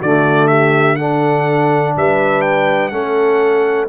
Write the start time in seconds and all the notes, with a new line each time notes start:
0.00 D3 A3 F#4 D5
0.48 G4 E5
0.96 D4 A4 F#5
1.97 G3 B4 E5
2.42 G5
2.89 A3 C#4 A4 F#5